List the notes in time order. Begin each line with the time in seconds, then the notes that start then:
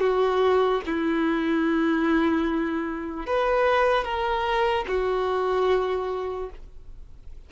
0.00 F#4
0.86 E4
3.26 B4
4.04 A#4
4.88 F#4